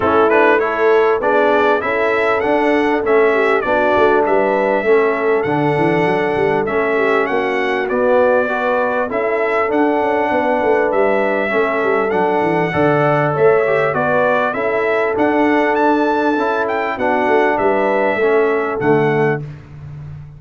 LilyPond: <<
  \new Staff \with { instrumentName = "trumpet" } { \time 4/4 \tempo 4 = 99 a'8 b'8 cis''4 d''4 e''4 | fis''4 e''4 d''4 e''4~ | e''4 fis''2 e''4 | fis''4 d''2 e''4 |
fis''2 e''2 | fis''2 e''4 d''4 | e''4 fis''4 a''4. g''8 | fis''4 e''2 fis''4 | }
  \new Staff \with { instrumentName = "horn" } { \time 4/4 e'4 a'4 gis'4 a'4~ | a'4. g'8 fis'4 b'4 | a'2.~ a'8 g'8 | fis'2 b'4 a'4~ |
a'4 b'2 a'4~ | a'4 d''4 cis''4 b'4 | a'1 | fis'4 b'4 a'2 | }
  \new Staff \with { instrumentName = "trombone" } { \time 4/4 cis'8 d'8 e'4 d'4 e'4 | d'4 cis'4 d'2 | cis'4 d'2 cis'4~ | cis'4 b4 fis'4 e'4 |
d'2. cis'4 | d'4 a'4. g'8 fis'4 | e'4 d'2 e'4 | d'2 cis'4 a4 | }
  \new Staff \with { instrumentName = "tuba" } { \time 4/4 a2 b4 cis'4 | d'4 a4 b8 a8 g4 | a4 d8 e8 fis8 g8 a4 | ais4 b2 cis'4 |
d'8 cis'8 b8 a8 g4 a8 g8 | fis8 e8 d4 a4 b4 | cis'4 d'2 cis'4 | b8 a8 g4 a4 d4 | }
>>